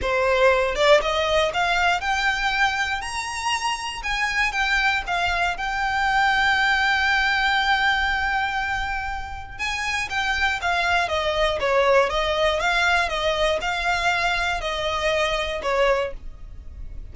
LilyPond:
\new Staff \with { instrumentName = "violin" } { \time 4/4 \tempo 4 = 119 c''4. d''8 dis''4 f''4 | g''2 ais''2 | gis''4 g''4 f''4 g''4~ | g''1~ |
g''2. gis''4 | g''4 f''4 dis''4 cis''4 | dis''4 f''4 dis''4 f''4~ | f''4 dis''2 cis''4 | }